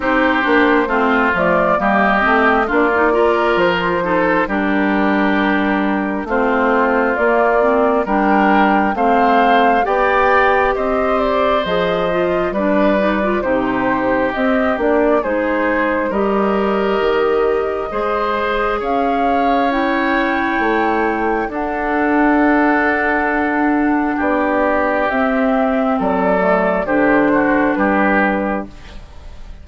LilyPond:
<<
  \new Staff \with { instrumentName = "flute" } { \time 4/4 \tempo 4 = 67 c''4. d''8 dis''4 d''4 | c''4 ais'2 c''4 | d''4 g''4 f''4 g''4 | dis''8 d''8 dis''4 d''4 c''4 |
dis''8 d''8 c''4 dis''2~ | dis''4 f''4 g''2 | fis''2. d''4 | e''4 d''4 c''4 b'4 | }
  \new Staff \with { instrumentName = "oboe" } { \time 4/4 g'4 f'4 g'4 f'8 ais'8~ | ais'8 a'8 g'2 f'4~ | f'4 ais'4 c''4 d''4 | c''2 b'4 g'4~ |
g'4 gis'4 ais'2 | c''4 cis''2. | a'2. g'4~ | g'4 a'4 g'8 fis'8 g'4 | }
  \new Staff \with { instrumentName = "clarinet" } { \time 4/4 dis'8 d'8 c'8 a8 ais8 c'8 d'16 dis'16 f'8~ | f'8 dis'8 d'2 c'4 | ais8 c'8 d'4 c'4 g'4~ | g'4 gis'8 f'8 d'8 dis'16 f'16 dis'4 |
c'8 d'8 dis'4 g'2 | gis'2 e'2 | d'1 | c'4. a8 d'2 | }
  \new Staff \with { instrumentName = "bassoon" } { \time 4/4 c'8 ais8 a8 f8 g8 a8 ais4 | f4 g2 a4 | ais4 g4 a4 b4 | c'4 f4 g4 c4 |
c'8 ais8 gis4 g4 dis4 | gis4 cis'2 a4 | d'2. b4 | c'4 fis4 d4 g4 | }
>>